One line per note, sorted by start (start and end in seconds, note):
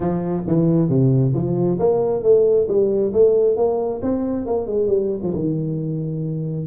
0.00 0.43 F3
0.47 0.88 E3
0.88 1.33 C3
1.34 1.78 F3
1.79 2.22 A#3
2.22 2.67 A3
2.67 3.12 G3
3.12 3.56 A3
3.56 4.00 A#3
4.02 4.46 C4
4.46 4.66 A#3
4.66 4.87 G#3
4.87 5.20 G3
5.22 5.34 F3
5.34 6.66 D#3